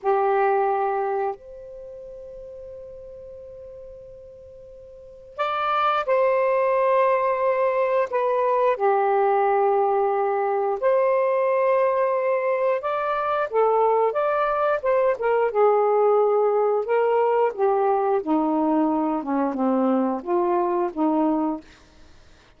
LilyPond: \new Staff \with { instrumentName = "saxophone" } { \time 4/4 \tempo 4 = 89 g'2 c''2~ | c''1 | d''4 c''2. | b'4 g'2. |
c''2. d''4 | a'4 d''4 c''8 ais'8 gis'4~ | gis'4 ais'4 g'4 dis'4~ | dis'8 cis'8 c'4 f'4 dis'4 | }